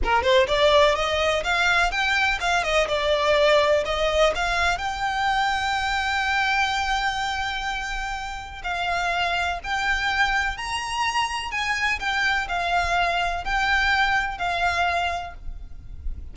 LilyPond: \new Staff \with { instrumentName = "violin" } { \time 4/4 \tempo 4 = 125 ais'8 c''8 d''4 dis''4 f''4 | g''4 f''8 dis''8 d''2 | dis''4 f''4 g''2~ | g''1~ |
g''2 f''2 | g''2 ais''2 | gis''4 g''4 f''2 | g''2 f''2 | }